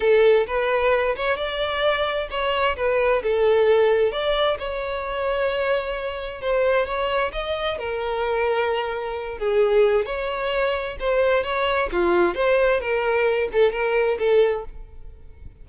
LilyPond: \new Staff \with { instrumentName = "violin" } { \time 4/4 \tempo 4 = 131 a'4 b'4. cis''8 d''4~ | d''4 cis''4 b'4 a'4~ | a'4 d''4 cis''2~ | cis''2 c''4 cis''4 |
dis''4 ais'2.~ | ais'8 gis'4. cis''2 | c''4 cis''4 f'4 c''4 | ais'4. a'8 ais'4 a'4 | }